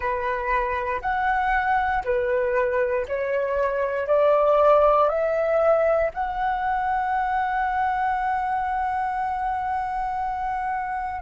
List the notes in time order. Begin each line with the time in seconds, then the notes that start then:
0.00 B4
1.01 F#5
2.04 B4
3.07 C#5
4.07 D5
5.08 E5
6.13 F#5